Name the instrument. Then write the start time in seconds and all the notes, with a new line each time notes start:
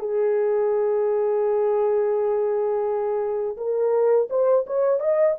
horn
0.00 G#4
3.57 A#4
4.30 C5
4.67 C#5
5.00 D#5